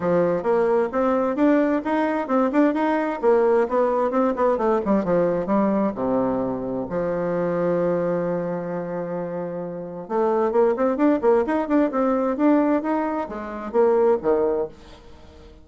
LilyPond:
\new Staff \with { instrumentName = "bassoon" } { \time 4/4 \tempo 4 = 131 f4 ais4 c'4 d'4 | dis'4 c'8 d'8 dis'4 ais4 | b4 c'8 b8 a8 g8 f4 | g4 c2 f4~ |
f1~ | f2 a4 ais8 c'8 | d'8 ais8 dis'8 d'8 c'4 d'4 | dis'4 gis4 ais4 dis4 | }